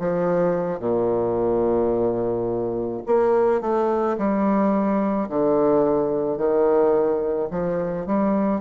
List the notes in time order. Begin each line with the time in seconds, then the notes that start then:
0.00 F3
0.80 A#2
3.07 A#3
3.62 A3
4.18 G3
5.29 D3
6.38 D#3
7.51 F3
8.07 G3